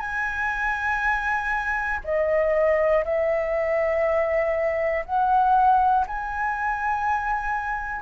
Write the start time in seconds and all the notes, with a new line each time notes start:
0.00 G#5
2.05 D#5
3.05 E5
5.06 F#5
6.07 G#5